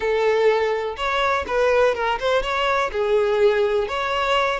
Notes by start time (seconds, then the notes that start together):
0.00 A4
0.97 C#5
1.47 B4
1.94 A#4
2.19 C5
2.42 C#5
2.92 G#4
3.88 C#5